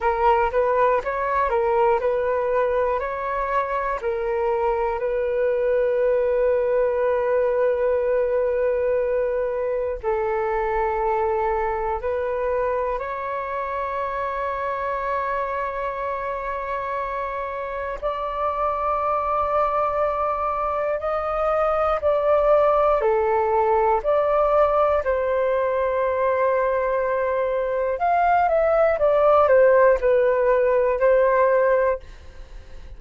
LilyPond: \new Staff \with { instrumentName = "flute" } { \time 4/4 \tempo 4 = 60 ais'8 b'8 cis''8 ais'8 b'4 cis''4 | ais'4 b'2.~ | b'2 a'2 | b'4 cis''2.~ |
cis''2 d''2~ | d''4 dis''4 d''4 a'4 | d''4 c''2. | f''8 e''8 d''8 c''8 b'4 c''4 | }